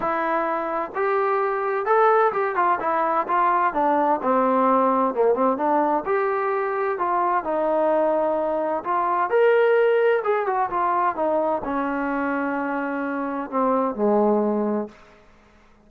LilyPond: \new Staff \with { instrumentName = "trombone" } { \time 4/4 \tempo 4 = 129 e'2 g'2 | a'4 g'8 f'8 e'4 f'4 | d'4 c'2 ais8 c'8 | d'4 g'2 f'4 |
dis'2. f'4 | ais'2 gis'8 fis'8 f'4 | dis'4 cis'2.~ | cis'4 c'4 gis2 | }